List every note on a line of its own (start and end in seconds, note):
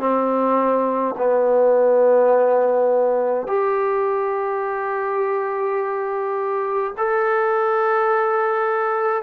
0.00 1.15 C4
1.18 3.48 B3
3.48 6.94 G4
6.98 9.23 A4